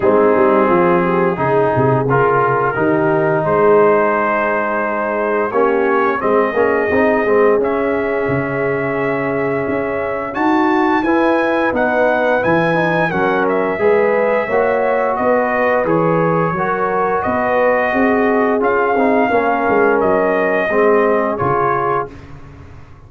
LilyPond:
<<
  \new Staff \with { instrumentName = "trumpet" } { \time 4/4 \tempo 4 = 87 gis'2. ais'4~ | ais'4 c''2. | cis''4 dis''2 e''4~ | e''2. a''4 |
gis''4 fis''4 gis''4 fis''8 e''8~ | e''2 dis''4 cis''4~ | cis''4 dis''2 f''4~ | f''4 dis''2 cis''4 | }
  \new Staff \with { instrumentName = "horn" } { \time 4/4 dis'4 f'8 g'8 gis'2 | g'4 gis'2. | g'4 gis'2.~ | gis'2. fis'4 |
b'2. ais'4 | b'4 cis''4 b'2 | ais'4 b'4 gis'2 | ais'2 gis'2 | }
  \new Staff \with { instrumentName = "trombone" } { \time 4/4 c'2 dis'4 f'4 | dis'1 | cis'4 c'8 cis'8 dis'8 c'8 cis'4~ | cis'2. fis'4 |
e'4 dis'4 e'8 dis'8 cis'4 | gis'4 fis'2 gis'4 | fis'2. f'8 dis'8 | cis'2 c'4 f'4 | }
  \new Staff \with { instrumentName = "tuba" } { \time 4/4 gis8 g8 f4 cis8 c8 cis4 | dis4 gis2. | ais4 gis8 ais8 c'8 gis8 cis'4 | cis2 cis'4 dis'4 |
e'4 b4 e4 fis4 | gis4 ais4 b4 e4 | fis4 b4 c'4 cis'8 c'8 | ais8 gis8 fis4 gis4 cis4 | }
>>